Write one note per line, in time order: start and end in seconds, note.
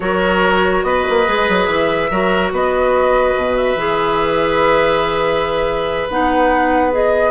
0.00 0.83 F#3
0.00 1.25 F#4
0.00 0.85 A#4
0.00 0.83 C#5
0.83 1.04 B3
0.83 2.10 B4
0.83 1.66 D#5
1.09 1.28 A#3
1.26 1.48 G#3
1.26 2.10 G#4
1.48 1.67 F#3
1.66 2.09 E3
1.66 2.50 E5
2.10 2.52 F#3
2.10 3.77 F#4
2.10 2.52 A#4
2.52 3.35 B3
2.52 7.31 B4
2.52 3.56 D#5
3.35 3.75 B2
3.56 6.08 E5
3.75 6.06 E3
3.75 6.08 G#4
6.09 7.31 B3
6.09 6.91 D#4
6.09 6.93 F#5
6.91 7.31 G#4
6.91 7.31 D#5